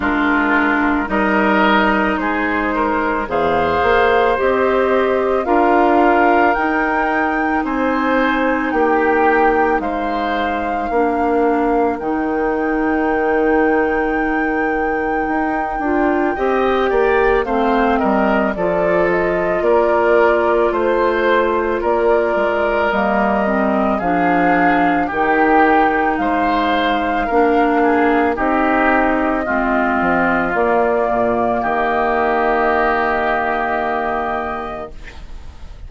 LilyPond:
<<
  \new Staff \with { instrumentName = "flute" } { \time 4/4 \tempo 4 = 55 ais'4 dis''4 c''4 f''4 | dis''4 f''4 g''4 gis''4 | g''4 f''2 g''4~ | g''1 |
f''8 dis''8 d''8 dis''8 d''4 c''4 | d''4 dis''4 f''4 g''4 | f''2 dis''2 | d''4 dis''2. | }
  \new Staff \with { instrumentName = "oboe" } { \time 4/4 f'4 ais'4 gis'8 ais'8 c''4~ | c''4 ais'2 c''4 | g'4 c''4 ais'2~ | ais'2. dis''8 d''8 |
c''8 ais'8 a'4 ais'4 c''4 | ais'2 gis'4 g'4 | c''4 ais'8 gis'8 g'4 f'4~ | f'4 g'2. | }
  \new Staff \with { instrumentName = "clarinet" } { \time 4/4 d'4 dis'2 gis'4 | g'4 f'4 dis'2~ | dis'2 d'4 dis'4~ | dis'2~ dis'8 f'8 g'4 |
c'4 f'2.~ | f'4 ais8 c'8 d'4 dis'4~ | dis'4 d'4 dis'4 c'4 | ais1 | }
  \new Staff \with { instrumentName = "bassoon" } { \time 4/4 gis4 g4 gis4 e,8 ais8 | c'4 d'4 dis'4 c'4 | ais4 gis4 ais4 dis4~ | dis2 dis'8 d'8 c'8 ais8 |
a8 g8 f4 ais4 a4 | ais8 gis8 g4 f4 dis4 | gis4 ais4 c'4 gis8 f8 | ais8 ais,8 dis2. | }
>>